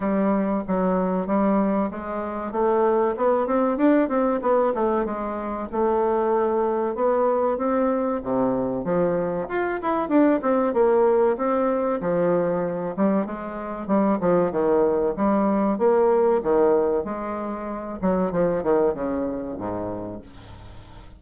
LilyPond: \new Staff \with { instrumentName = "bassoon" } { \time 4/4 \tempo 4 = 95 g4 fis4 g4 gis4 | a4 b8 c'8 d'8 c'8 b8 a8 | gis4 a2 b4 | c'4 c4 f4 f'8 e'8 |
d'8 c'8 ais4 c'4 f4~ | f8 g8 gis4 g8 f8 dis4 | g4 ais4 dis4 gis4~ | gis8 fis8 f8 dis8 cis4 gis,4 | }